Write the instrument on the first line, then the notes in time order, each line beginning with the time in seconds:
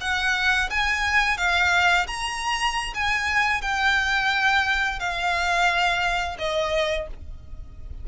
violin
0.00 F#5
0.70 G#5
1.37 F5
2.07 A#5
2.94 G#5
3.61 G5
4.99 F5
6.38 D#5